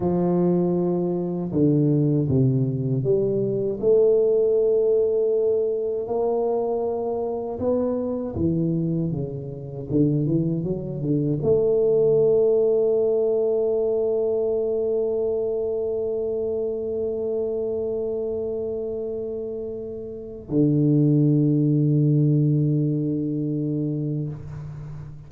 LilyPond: \new Staff \with { instrumentName = "tuba" } { \time 4/4 \tempo 4 = 79 f2 d4 c4 | g4 a2. | ais2 b4 e4 | cis4 d8 e8 fis8 d8 a4~ |
a1~ | a1~ | a2. d4~ | d1 | }